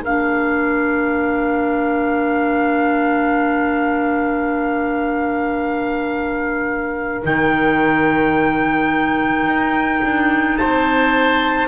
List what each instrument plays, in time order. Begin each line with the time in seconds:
0.00 double bass A#3, clarinet D4, oboe A#4, trumpet F5
7.23 double bass D#3, clarinet D#4, trumpet G5
9.46 double bass D#4
10.03 double bass D4
10.58 double bass C4, oboe C5, trumpet A5